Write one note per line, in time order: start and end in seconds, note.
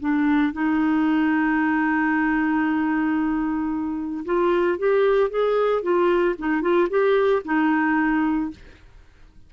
0.00 0.53 D4
0.53 4.24 D#4
4.26 4.78 F4
4.78 5.30 G4
5.30 5.82 G#4
5.82 6.35 F4
6.38 6.62 D#4
6.62 6.88 F4
6.90 7.43 G4
7.45 8.51 D#4